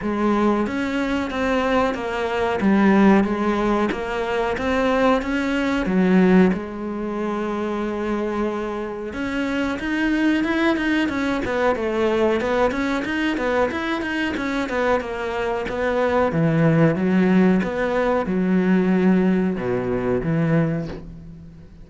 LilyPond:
\new Staff \with { instrumentName = "cello" } { \time 4/4 \tempo 4 = 92 gis4 cis'4 c'4 ais4 | g4 gis4 ais4 c'4 | cis'4 fis4 gis2~ | gis2 cis'4 dis'4 |
e'8 dis'8 cis'8 b8 a4 b8 cis'8 | dis'8 b8 e'8 dis'8 cis'8 b8 ais4 | b4 e4 fis4 b4 | fis2 b,4 e4 | }